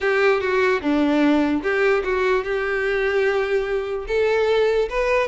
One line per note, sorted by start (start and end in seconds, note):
0.00 0.40 G4
0.40 0.81 F#4
0.81 1.62 D4
1.62 2.03 G4
2.03 2.44 F#4
2.44 4.06 G4
4.07 4.89 A4
4.89 5.28 B4